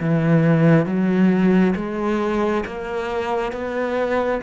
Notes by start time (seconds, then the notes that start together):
0.00 E3
0.86 F#3
1.76 G#3
2.66 A#3
3.52 B3